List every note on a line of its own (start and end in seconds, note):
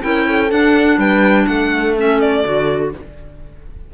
0.00 0.51 C#4
0.00 0.48 E4
0.00 0.26 A#4
0.00 0.51 G5
0.26 0.99 A4
0.51 0.98 D4
0.51 1.96 D4
0.51 0.99 F#5
0.98 1.46 G3
0.98 1.47 B4
0.98 1.46 G5
1.46 2.44 A3
1.46 2.93 A4
1.46 1.95 F#5
1.96 2.44 C#4
1.96 2.20 E5
2.20 2.93 D5
2.44 2.94 D3
2.44 2.92 F#4